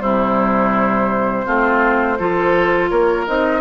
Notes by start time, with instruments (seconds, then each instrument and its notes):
0.00 bassoon C3, clarinet G3, oboe E4, flute C5
1.45 bassoon A3, clarinet C4, oboe F4
2.18 bassoon F3, clarinet F4, oboe A4
2.89 bassoon A#3, oboe A#4, flute C#5
3.27 bassoon C4, clarinet D#4, flute D#5